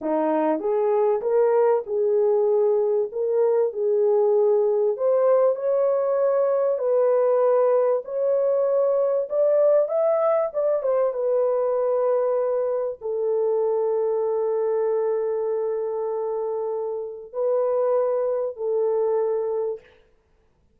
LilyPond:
\new Staff \with { instrumentName = "horn" } { \time 4/4 \tempo 4 = 97 dis'4 gis'4 ais'4 gis'4~ | gis'4 ais'4 gis'2 | c''4 cis''2 b'4~ | b'4 cis''2 d''4 |
e''4 d''8 c''8 b'2~ | b'4 a'2.~ | a'1 | b'2 a'2 | }